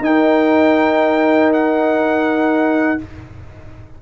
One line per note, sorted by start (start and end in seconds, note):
0.00 2.96 D#4
0.00 2.98 D#4
0.00 3.02 A#4
0.00 1.52 G5
1.53 3.01 F#5